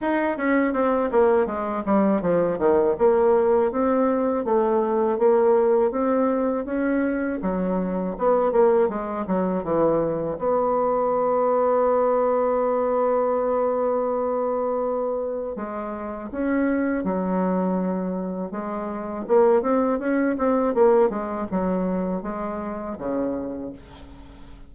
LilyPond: \new Staff \with { instrumentName = "bassoon" } { \time 4/4 \tempo 4 = 81 dis'8 cis'8 c'8 ais8 gis8 g8 f8 dis8 | ais4 c'4 a4 ais4 | c'4 cis'4 fis4 b8 ais8 | gis8 fis8 e4 b2~ |
b1~ | b4 gis4 cis'4 fis4~ | fis4 gis4 ais8 c'8 cis'8 c'8 | ais8 gis8 fis4 gis4 cis4 | }